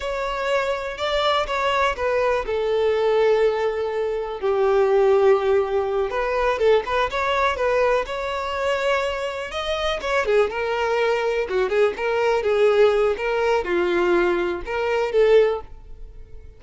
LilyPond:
\new Staff \with { instrumentName = "violin" } { \time 4/4 \tempo 4 = 123 cis''2 d''4 cis''4 | b'4 a'2.~ | a'4 g'2.~ | g'8 b'4 a'8 b'8 cis''4 b'8~ |
b'8 cis''2. dis''8~ | dis''8 cis''8 gis'8 ais'2 fis'8 | gis'8 ais'4 gis'4. ais'4 | f'2 ais'4 a'4 | }